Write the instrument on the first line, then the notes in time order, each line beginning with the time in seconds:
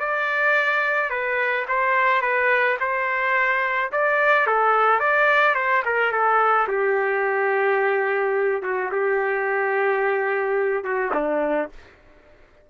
trumpet
0.00 D5
1.10 B4
1.68 C5
2.22 B4
2.80 C5
3.92 D5
4.47 A4
5.00 D5
5.55 C5
5.85 A#4
6.12 A4
6.68 G4
8.63 F#4
8.92 G4
10.84 F#4
11.14 D4